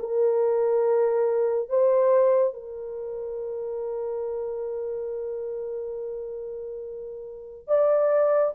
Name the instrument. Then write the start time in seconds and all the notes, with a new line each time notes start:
horn
0.00 A#4
1.70 C5
2.54 A#4
7.68 D5